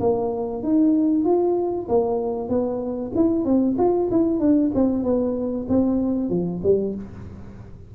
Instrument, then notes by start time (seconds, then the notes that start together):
tuba
0.00 A#3
0.63 D#4
1.25 F4
1.88 A#3
2.49 B3
3.16 E4
3.45 C4
3.78 F4
4.11 E4
4.40 D4
4.75 C4
5.04 B3
5.69 C4
6.30 F3
6.63 G3